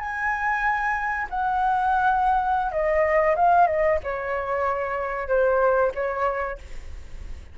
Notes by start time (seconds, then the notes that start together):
0.00 G#5
1.30 F#5
2.72 D#5
3.36 F5
3.67 D#5
4.04 C#5
5.28 C5
5.95 C#5